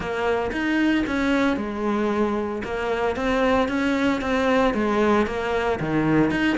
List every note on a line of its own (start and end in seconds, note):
0.00 0.51 A#3
0.51 1.04 D#4
1.06 1.56 C#4
1.56 2.62 G#3
2.64 3.16 A#3
3.16 3.68 C4
3.68 4.21 C#4
4.21 4.74 C4
4.74 5.26 G#3
5.26 5.79 A#3
5.79 6.30 D#3
6.30 6.57 D#4